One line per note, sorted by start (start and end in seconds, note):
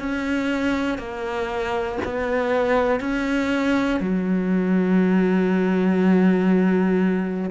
0.00 0.99 C#4
0.99 1.99 A#3
2.05 3.00 B3
3.00 4.00 C#4
4.00 7.50 F#3